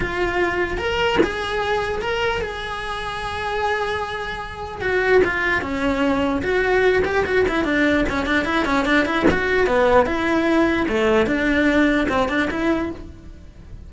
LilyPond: \new Staff \with { instrumentName = "cello" } { \time 4/4 \tempo 4 = 149 f'2 ais'4 gis'4~ | gis'4 ais'4 gis'2~ | gis'1 | fis'4 f'4 cis'2 |
fis'4. g'8 fis'8 e'8 d'4 | cis'8 d'8 e'8 cis'8 d'8 e'8 fis'4 | b4 e'2 a4 | d'2 c'8 d'8 e'4 | }